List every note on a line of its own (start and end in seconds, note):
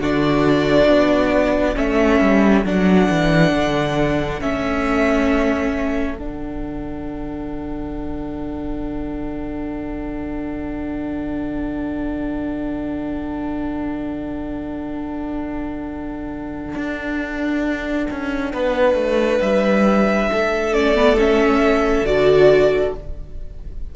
0.00 0.88 D3
0.00 1.76 D4
0.00 1.76 F#4
0.00 1.78 D5
0.88 1.76 B3
1.76 2.21 A3
1.76 2.64 C#4
1.76 18.53 A4
1.76 2.66 E5
2.21 2.65 G3
2.65 3.09 F#3
2.65 4.41 D4
2.65 4.42 F#5
3.10 3.53 E3
3.53 4.41 D3
4.41 6.18 A3
4.41 6.18 C#4
4.41 6.18 E5
6.18 16.76 D3
6.18 20.73 D4
6.18 19.42 F#5
16.76 18.08 D4
18.11 18.54 C#4
18.53 18.95 B3
18.53 20.30 B4
18.95 19.39 A3
19.42 20.30 G3
19.42 20.74 E5
20.31 22.02 A3
20.31 22.96 A4
20.73 20.95 C#4
20.73 21.18 D5
20.95 21.17 B3
21.19 22.06 C#4
21.19 22.06 E5
22.02 22.90 D3
22.02 22.94 F#4
22.02 22.94 D5